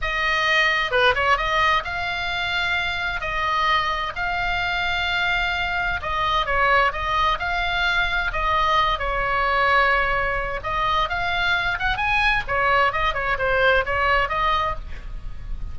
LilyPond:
\new Staff \with { instrumentName = "oboe" } { \time 4/4 \tempo 4 = 130 dis''2 b'8 cis''8 dis''4 | f''2. dis''4~ | dis''4 f''2.~ | f''4 dis''4 cis''4 dis''4 |
f''2 dis''4. cis''8~ | cis''2. dis''4 | f''4. fis''8 gis''4 cis''4 | dis''8 cis''8 c''4 cis''4 dis''4 | }